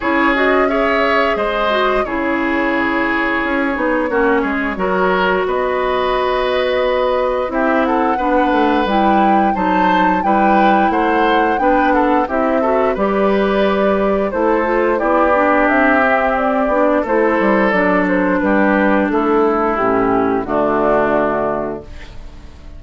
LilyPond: <<
  \new Staff \with { instrumentName = "flute" } { \time 4/4 \tempo 4 = 88 cis''8 dis''8 e''4 dis''4 cis''4~ | cis''1 | dis''2. e''8 fis''8~ | fis''4 g''4 a''4 g''4 |
fis''4 g''8 fis''8 e''4 d''4~ | d''4 c''4 d''4 e''4 | d''4 c''4 d''8 c''8 b'4 | a'4 g'4 fis'2 | }
  \new Staff \with { instrumentName = "oboe" } { \time 4/4 gis'4 cis''4 c''4 gis'4~ | gis'2 fis'8 gis'8 ais'4 | b'2. g'8 a'8 | b'2 c''4 b'4 |
c''4 b'8 a'8 g'8 a'8 b'4~ | b'4 a'4 g'2~ | g'4 a'2 g'4 | e'2 d'2 | }
  \new Staff \with { instrumentName = "clarinet" } { \time 4/4 e'8 fis'8 gis'4. fis'8 e'4~ | e'4. dis'8 cis'4 fis'4~ | fis'2. e'4 | d'4 e'4 dis'4 e'4~ |
e'4 d'4 e'8 fis'8 g'4~ | g'4 e'8 f'8 e'8 d'4 c'8~ | c'8 d'8 e'4 d'2~ | d'4 cis'4 a2 | }
  \new Staff \with { instrumentName = "bassoon" } { \time 4/4 cis'2 gis4 cis4~ | cis4 cis'8 b8 ais8 gis8 fis4 | b2. c'4 | b8 a8 g4 fis4 g4 |
a4 b4 c'4 g4~ | g4 a4 b4 c'4~ | c'8 b8 a8 g8 fis4 g4 | a4 a,4 d2 | }
>>